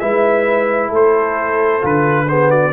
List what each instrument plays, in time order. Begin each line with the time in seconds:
0.00 tuba G#3, trombone E4, horn B4, trumpet E5
0.89 tuba A3, horn A4
0.95 trumpet C5
1.81 tuba D3, trombone F4, trumpet B4
2.28 trombone B3, horn G#4, trumpet C5
2.50 horn F#4, trumpet D5